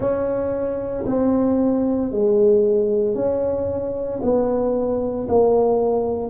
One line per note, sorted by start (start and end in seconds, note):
0.00 1.04 C#4
1.06 2.11 C4
2.11 3.14 G#3
3.14 4.20 C#4
4.22 5.27 B3
5.28 6.30 A#3